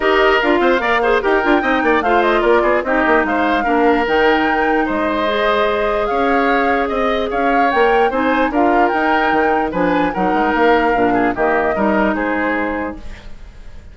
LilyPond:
<<
  \new Staff \with { instrumentName = "flute" } { \time 4/4 \tempo 4 = 148 dis''4 f''2 g''4~ | g''4 f''8 dis''8 d''4 dis''4 | f''2 g''2 | dis''2. f''4~ |
f''4 dis''4 f''4 g''4 | gis''4 f''4 g''2 | gis''4 fis''4 f''2 | dis''2 c''2 | }
  \new Staff \with { instrumentName = "oboe" } { \time 4/4 ais'4. c''8 d''8 c''8 ais'4 | dis''8 d''8 c''4 ais'8 gis'8 g'4 | c''4 ais'2. | c''2. cis''4~ |
cis''4 dis''4 cis''2 | c''4 ais'2. | b'4 ais'2~ ais'8 gis'8 | g'4 ais'4 gis'2 | }
  \new Staff \with { instrumentName = "clarinet" } { \time 4/4 g'4 f'4 ais'8 gis'8 g'8 f'8 | dis'4 f'2 dis'4~ | dis'4 d'4 dis'2~ | dis'4 gis'2.~ |
gis'2. ais'4 | dis'4 f'4 dis'2 | d'4 dis'2 d'4 | ais4 dis'2. | }
  \new Staff \with { instrumentName = "bassoon" } { \time 4/4 dis'4 d'8 c'8 ais4 dis'8 d'8 | c'8 ais8 a4 ais8 b8 c'8 ais8 | gis4 ais4 dis2 | gis2. cis'4~ |
cis'4 c'4 cis'4 ais4 | c'4 d'4 dis'4 dis4 | f4 fis8 gis8 ais4 ais,4 | dis4 g4 gis2 | }
>>